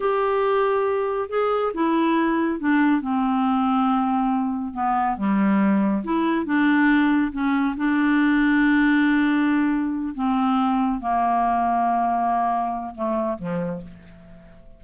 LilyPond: \new Staff \with { instrumentName = "clarinet" } { \time 4/4 \tempo 4 = 139 g'2. gis'4 | e'2 d'4 c'4~ | c'2. b4 | g2 e'4 d'4~ |
d'4 cis'4 d'2~ | d'2.~ d'8 c'8~ | c'4. ais2~ ais8~ | ais2 a4 f4 | }